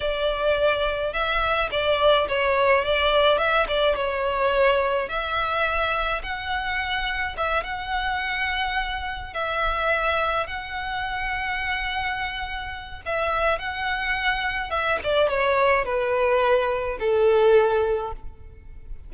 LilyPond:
\new Staff \with { instrumentName = "violin" } { \time 4/4 \tempo 4 = 106 d''2 e''4 d''4 | cis''4 d''4 e''8 d''8 cis''4~ | cis''4 e''2 fis''4~ | fis''4 e''8 fis''2~ fis''8~ |
fis''8 e''2 fis''4.~ | fis''2. e''4 | fis''2 e''8 d''8 cis''4 | b'2 a'2 | }